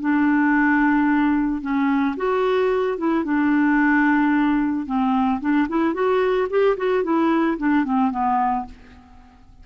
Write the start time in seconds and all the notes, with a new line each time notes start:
0.00 D4
1.61 C#4
2.16 F#4
2.98 E4
3.24 D4
4.86 C4
5.40 D4
5.68 E4
5.93 F#4
6.49 G4
6.77 F#4
7.03 E4
7.57 D4
7.84 C4
8.11 B3